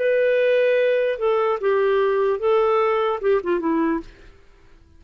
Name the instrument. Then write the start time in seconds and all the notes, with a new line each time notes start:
clarinet
0.00 B4
1.19 A4
1.61 G4
2.40 A4
3.22 G4
3.44 F4
3.60 E4